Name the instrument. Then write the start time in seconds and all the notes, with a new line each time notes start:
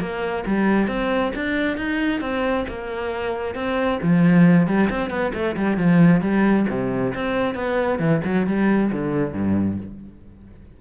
cello
0.00 A#3
0.47 G3
0.88 C4
1.35 D4
1.78 D#4
2.21 C4
2.68 A#3
3.55 C4
4.02 F3
4.67 G3
4.90 C4
5.10 B3
5.34 A3
5.57 G3
5.77 F3
6.22 G3
6.69 C3
7.15 C4
7.55 B3
7.99 E3
8.25 F#3
8.47 G3
8.92 D3
9.33 G2